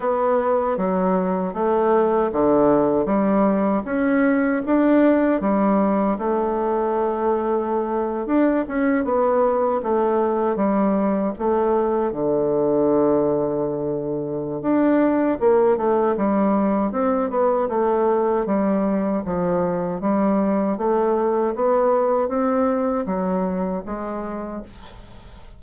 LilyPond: \new Staff \with { instrumentName = "bassoon" } { \time 4/4 \tempo 4 = 78 b4 fis4 a4 d4 | g4 cis'4 d'4 g4 | a2~ a8. d'8 cis'8 b16~ | b8. a4 g4 a4 d16~ |
d2. d'4 | ais8 a8 g4 c'8 b8 a4 | g4 f4 g4 a4 | b4 c'4 fis4 gis4 | }